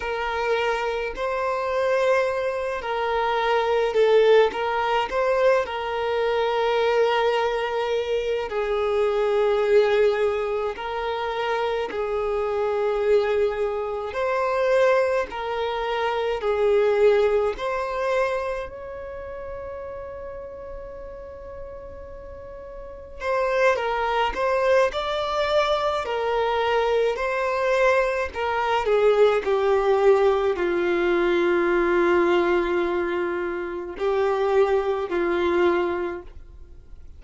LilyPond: \new Staff \with { instrumentName = "violin" } { \time 4/4 \tempo 4 = 53 ais'4 c''4. ais'4 a'8 | ais'8 c''8 ais'2~ ais'8 gis'8~ | gis'4. ais'4 gis'4.~ | gis'8 c''4 ais'4 gis'4 c''8~ |
c''8 cis''2.~ cis''8~ | cis''8 c''8 ais'8 c''8 d''4 ais'4 | c''4 ais'8 gis'8 g'4 f'4~ | f'2 g'4 f'4 | }